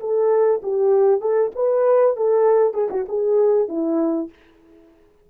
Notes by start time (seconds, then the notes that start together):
0.00 A4
0.63 G4
1.21 A4
1.55 B4
2.16 A4
2.73 G#4
2.90 F#4
3.08 G#4
3.68 E4